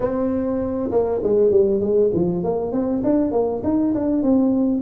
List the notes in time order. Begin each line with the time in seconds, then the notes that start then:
0.00 C4
0.91 A#3
1.23 G#3
1.50 G3
1.80 G#3
2.13 F3
2.43 A#3
2.72 C4
3.03 D4
3.31 A#3
3.63 D#4
3.94 D4
4.22 C4